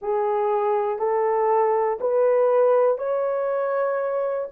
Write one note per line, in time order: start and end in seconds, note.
0.01 0.98 G#4
0.98 1.98 A4
2.00 2.97 B4
2.97 4.47 C#5